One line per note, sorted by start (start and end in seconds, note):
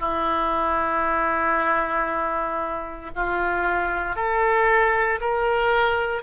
0.00 3.10 E4
3.16 4.16 F4
4.16 5.20 A4
5.21 6.23 A#4